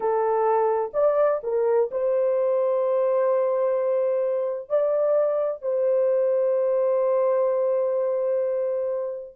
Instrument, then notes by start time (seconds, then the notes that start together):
horn
0.00 A4
0.93 D5
1.43 A#4
1.91 C5
4.69 D5
5.62 C5